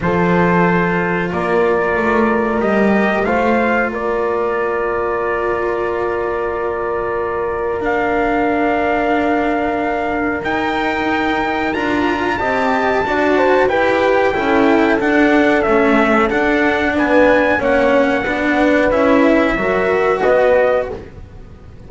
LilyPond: <<
  \new Staff \with { instrumentName = "trumpet" } { \time 4/4 \tempo 4 = 92 c''2 d''2 | dis''4 f''4 d''2~ | d''1 | f''1 |
g''2 ais''4 a''4~ | a''4 g''2 fis''4 | e''4 fis''4 gis''4 fis''4~ | fis''4 e''2 dis''4 | }
  \new Staff \with { instrumentName = "horn" } { \time 4/4 a'2 ais'2~ | ais'4 c''4 ais'2~ | ais'1~ | ais'1~ |
ais'2. dis''4 | d''8 c''8 b'4 a'2~ | a'2 b'4 cis''4 | b'2 ais'4 b'4 | }
  \new Staff \with { instrumentName = "cello" } { \time 4/4 f'1 | g'4 f'2.~ | f'1 | d'1 |
dis'2 f'4 g'4 | fis'4 g'4 e'4 d'4 | a4 d'2 cis'4 | d'4 e'4 fis'2 | }
  \new Staff \with { instrumentName = "double bass" } { \time 4/4 f2 ais4 a4 | g4 a4 ais2~ | ais1~ | ais1 |
dis'2 d'4 c'4 | d'4 e'4 cis'4 d'4 | cis'4 d'4 b4 ais4 | b4 cis'4 fis4 b4 | }
>>